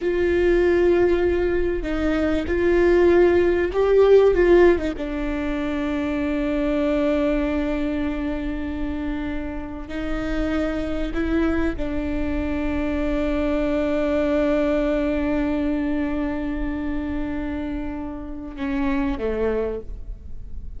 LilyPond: \new Staff \with { instrumentName = "viola" } { \time 4/4 \tempo 4 = 97 f'2. dis'4 | f'2 g'4 f'8. dis'16 | d'1~ | d'1 |
dis'2 e'4 d'4~ | d'1~ | d'1~ | d'2 cis'4 a4 | }